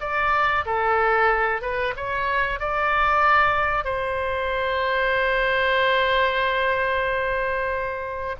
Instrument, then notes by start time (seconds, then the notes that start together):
oboe
0.00 D5
0.65 A4
1.62 B4
1.96 C#5
2.60 D5
3.84 C5